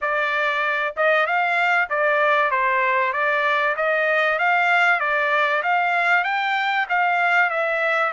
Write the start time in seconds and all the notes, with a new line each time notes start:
0.01 D5
0.96 D#5
1.26 F5
1.89 D5
2.51 C5
3.12 D5
3.76 D#5
4.38 F5
5.00 D5
5.62 F5
6.24 G5
6.89 F5
7.50 E5